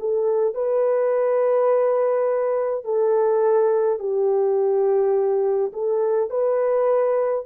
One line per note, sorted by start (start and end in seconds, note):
0.00 0.55 A4
0.55 2.85 B4
2.85 4.00 A4
4.00 5.73 G4
5.73 6.30 A4
6.30 7.46 B4